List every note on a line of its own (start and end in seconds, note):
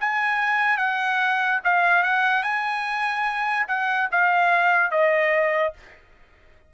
0.00 0.77 G#5
0.77 1.60 F#5
1.64 2.03 F5
2.03 2.43 F#5
2.43 3.66 G#5
3.68 4.09 F#5
4.11 4.91 F5
4.91 5.73 D#5